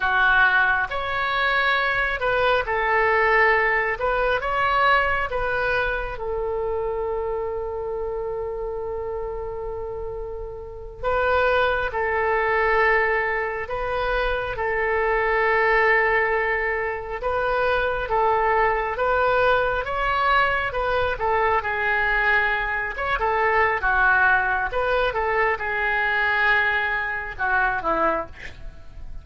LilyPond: \new Staff \with { instrumentName = "oboe" } { \time 4/4 \tempo 4 = 68 fis'4 cis''4. b'8 a'4~ | a'8 b'8 cis''4 b'4 a'4~ | a'1~ | a'8 b'4 a'2 b'8~ |
b'8 a'2. b'8~ | b'8 a'4 b'4 cis''4 b'8 | a'8 gis'4. cis''16 a'8. fis'4 | b'8 a'8 gis'2 fis'8 e'8 | }